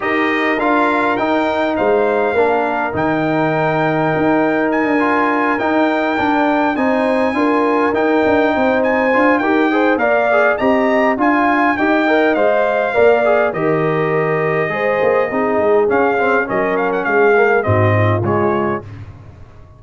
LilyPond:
<<
  \new Staff \with { instrumentName = "trumpet" } { \time 4/4 \tempo 4 = 102 dis''4 f''4 g''4 f''4~ | f''4 g''2. | gis''4. g''2 gis''8~ | gis''4. g''4. gis''4 |
g''4 f''4 ais''4 gis''4 | g''4 f''2 dis''4~ | dis''2. f''4 | dis''8 f''16 fis''16 f''4 dis''4 cis''4 | }
  \new Staff \with { instrumentName = "horn" } { \time 4/4 ais'2. c''4 | ais'1~ | ais'2.~ ais'8 c''8~ | c''8 ais'2 c''4. |
ais'8 c''8 d''4 dis''4 f''4 | dis''2 d''4 ais'4~ | ais'4 c''4 gis'2 | ais'4 gis'4 fis'8 f'4. | }
  \new Staff \with { instrumentName = "trombone" } { \time 4/4 g'4 f'4 dis'2 | d'4 dis'2.~ | dis'8 f'4 dis'4 d'4 dis'8~ | dis'8 f'4 dis'2 f'8 |
g'8 gis'8 ais'8 gis'8 g'4 f'4 | g'8 ais'8 c''4 ais'8 gis'8 g'4~ | g'4 gis'4 dis'4 cis'8 c'8 | cis'4. ais8 c'4 gis4 | }
  \new Staff \with { instrumentName = "tuba" } { \time 4/4 dis'4 d'4 dis'4 gis4 | ais4 dis2 dis'4~ | dis'16 d'4~ d'16 dis'4 d'4 c'8~ | c'8 d'4 dis'8 d'8 c'4 d'8 |
dis'4 ais4 c'4 d'4 | dis'4 gis4 ais4 dis4~ | dis4 gis8 ais8 c'8 gis8 cis'4 | fis4 gis4 gis,4 cis4 | }
>>